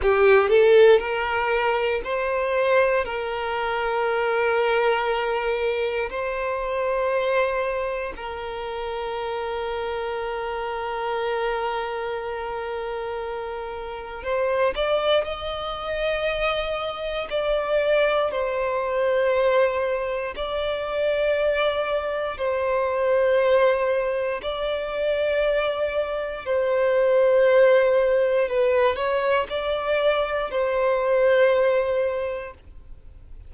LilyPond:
\new Staff \with { instrumentName = "violin" } { \time 4/4 \tempo 4 = 59 g'8 a'8 ais'4 c''4 ais'4~ | ais'2 c''2 | ais'1~ | ais'2 c''8 d''8 dis''4~ |
dis''4 d''4 c''2 | d''2 c''2 | d''2 c''2 | b'8 cis''8 d''4 c''2 | }